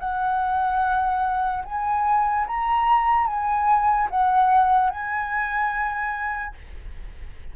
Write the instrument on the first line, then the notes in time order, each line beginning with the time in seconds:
flute
0.00 F#5
1.65 G#5
2.48 A#5
3.27 G#5
4.11 F#5
4.91 G#5